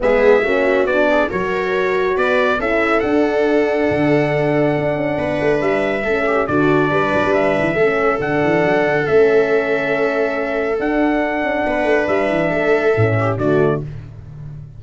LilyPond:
<<
  \new Staff \with { instrumentName = "trumpet" } { \time 4/4 \tempo 4 = 139 e''2 d''4 cis''4~ | cis''4 d''4 e''4 fis''4~ | fis''1~ | fis''4 e''2 d''4~ |
d''4 e''2 fis''4~ | fis''4 e''2.~ | e''4 fis''2. | e''2. d''4 | }
  \new Staff \with { instrumentName = "viola" } { \time 4/4 gis'4 fis'4. gis'8 ais'4~ | ais'4 b'4 a'2~ | a'1 | b'2 a'8 g'8 fis'4 |
b'2 a'2~ | a'1~ | a'2. b'4~ | b'4 a'4. g'8 fis'4 | }
  \new Staff \with { instrumentName = "horn" } { \time 4/4 b4 cis'4 d'4 fis'4~ | fis'2 e'4 d'4~ | d'1~ | d'2 cis'4 d'4~ |
d'2 cis'4 d'4~ | d'4 cis'2.~ | cis'4 d'2.~ | d'2 cis'4 a4 | }
  \new Staff \with { instrumentName = "tuba" } { \time 4/4 gis4 ais4 b4 fis4~ | fis4 b4 cis'4 d'4~ | d'4 d2 d'8 cis'8 | b8 a8 g4 a4 d4 |
g8 fis16 g8. e8 a4 d8 e8 | fis8 d8 a2.~ | a4 d'4. cis'8 b8 a8 | g8 e8 a4 a,4 d4 | }
>>